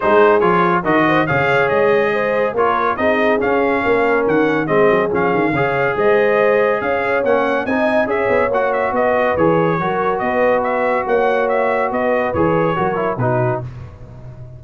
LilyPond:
<<
  \new Staff \with { instrumentName = "trumpet" } { \time 4/4 \tempo 4 = 141 c''4 cis''4 dis''4 f''4 | dis''2 cis''4 dis''4 | f''2 fis''4 dis''4 | f''2 dis''2 |
f''4 fis''4 gis''4 e''4 | fis''8 e''8 dis''4 cis''2 | dis''4 e''4 fis''4 e''4 | dis''4 cis''2 b'4 | }
  \new Staff \with { instrumentName = "horn" } { \time 4/4 gis'2 ais'8 c''8 cis''4~ | cis''4 c''4 ais'4 gis'4~ | gis'4 ais'2 gis'4~ | gis'4 cis''4 c''2 |
cis''2 dis''4 cis''4~ | cis''4 b'2 ais'4 | b'2 cis''2 | b'2 ais'4 fis'4 | }
  \new Staff \with { instrumentName = "trombone" } { \time 4/4 dis'4 f'4 fis'4 gis'4~ | gis'2 f'4 dis'4 | cis'2. c'4 | cis'4 gis'2.~ |
gis'4 cis'4 dis'4 gis'4 | fis'2 gis'4 fis'4~ | fis'1~ | fis'4 gis'4 fis'8 e'8 dis'4 | }
  \new Staff \with { instrumentName = "tuba" } { \time 4/4 gis4 f4 dis4 cis4 | gis2 ais4 c'4 | cis'4 ais4 dis4 gis8 fis8 | f8 dis8 cis4 gis2 |
cis'4 ais4 c'4 cis'8 b8 | ais4 b4 e4 fis4 | b2 ais2 | b4 e4 fis4 b,4 | }
>>